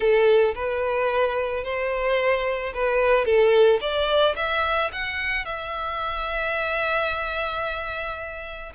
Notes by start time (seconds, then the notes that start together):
0.00 A4
0.55 B4
1.64 C5
2.73 B4
3.25 A4
3.80 D5
4.36 E5
4.92 F#5
5.45 E5